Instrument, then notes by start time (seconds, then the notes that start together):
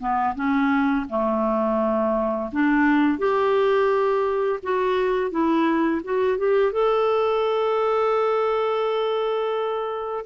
clarinet
0.00 B3
0.36 C#4
1.10 A3
2.53 D4
3.19 G4
4.63 F#4
5.31 E4
6.04 F#4
6.39 G4
6.73 A4